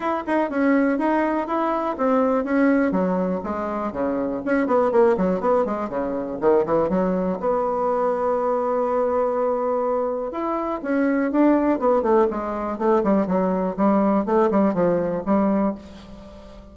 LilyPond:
\new Staff \with { instrumentName = "bassoon" } { \time 4/4 \tempo 4 = 122 e'8 dis'8 cis'4 dis'4 e'4 | c'4 cis'4 fis4 gis4 | cis4 cis'8 b8 ais8 fis8 b8 gis8 | cis4 dis8 e8 fis4 b4~ |
b1~ | b4 e'4 cis'4 d'4 | b8 a8 gis4 a8 g8 fis4 | g4 a8 g8 f4 g4 | }